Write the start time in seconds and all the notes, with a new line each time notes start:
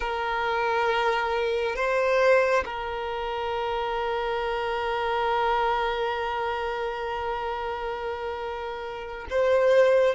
0.00 A#4
1.75 C5
2.65 A#4
9.29 C5